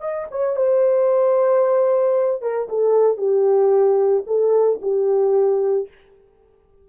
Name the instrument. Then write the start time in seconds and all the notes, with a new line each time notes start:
horn
0.00 D#5
0.31 C#5
0.56 C5
2.42 A#4
2.69 A4
3.17 G4
4.26 A4
4.81 G4